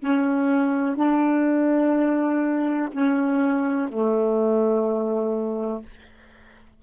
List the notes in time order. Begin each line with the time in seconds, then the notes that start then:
0.00 C#4
0.96 D4
2.93 C#4
3.89 A3